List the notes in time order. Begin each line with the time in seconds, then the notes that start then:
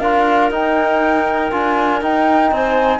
0.00 D4 F4 A#4 F5
0.51 D#4 G5
1.52 D4 F4 G#5
2.02 D#4 G5
2.52 C4 C5 G#5